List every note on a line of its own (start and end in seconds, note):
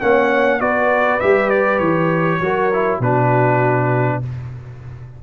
0.00 0.60 A#3
0.00 0.60 C#4
0.00 0.60 C#5
0.00 0.60 F#5
0.60 1.21 B3
0.60 1.21 F#4
0.60 2.41 B4
0.60 1.20 D5
1.20 1.80 G3
1.20 2.41 G4
1.20 1.50 E5
1.50 1.79 D5
1.79 2.40 E3
1.79 2.99 C#5
2.40 3.00 F#3
2.40 2.72 F#4
2.40 3.00 A#4
2.73 3.03 E4
3.00 4.20 B2
3.00 4.23 D4
3.00 4.20 F#4
3.00 4.23 B4